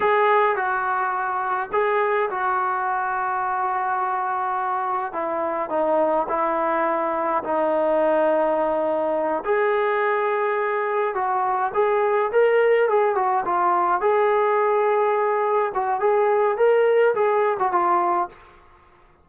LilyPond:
\new Staff \with { instrumentName = "trombone" } { \time 4/4 \tempo 4 = 105 gis'4 fis'2 gis'4 | fis'1~ | fis'4 e'4 dis'4 e'4~ | e'4 dis'2.~ |
dis'8 gis'2. fis'8~ | fis'8 gis'4 ais'4 gis'8 fis'8 f'8~ | f'8 gis'2. fis'8 | gis'4 ais'4 gis'8. fis'16 f'4 | }